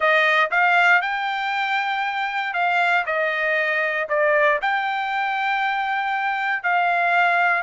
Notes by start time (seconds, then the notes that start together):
0.00 D#5
0.51 F5
1.01 G5
2.53 F5
3.05 D#5
4.08 D5
4.61 G5
6.63 F5